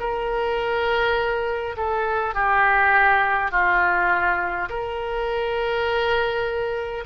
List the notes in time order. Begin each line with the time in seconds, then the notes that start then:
0.00 A#4
1.77 A4
2.35 G4
3.52 F4
4.70 A#4